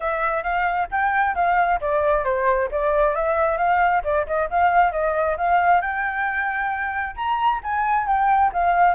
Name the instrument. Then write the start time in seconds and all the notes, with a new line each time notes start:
flute
0.00 E5
0.43 F5
0.91 G5
1.35 F5
1.81 D5
2.24 C5
2.71 D5
3.15 E5
3.57 F5
4.03 D5
4.27 D#5
4.49 F5
4.92 D#5
5.37 F5
5.81 G5
7.16 A#5
7.63 G#5
8.06 G5
8.52 F5